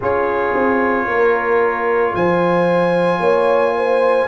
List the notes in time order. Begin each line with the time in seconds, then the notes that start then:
0.00 C#4 F4 G#4 C#5
0.54 C4
1.07 A#3 A#4
2.15 F3 C5 G#5
3.19 A#3 C#5
3.76 C5